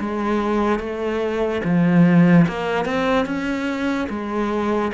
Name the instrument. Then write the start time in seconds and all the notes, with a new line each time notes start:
cello
0.00 G#3
0.80 A3
1.64 F3
2.48 A#3
2.85 C4
3.26 C#4
4.10 G#3